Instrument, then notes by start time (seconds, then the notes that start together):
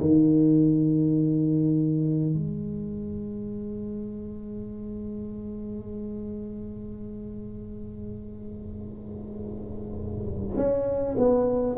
tuba
0.00 D#3
2.34 G#3
10.56 C#4
11.17 B3